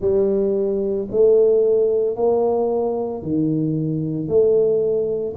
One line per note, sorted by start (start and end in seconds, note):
0.00 1.07 G3
1.10 2.16 A3
2.16 3.22 A#3
3.22 4.28 D#3
4.28 5.35 A3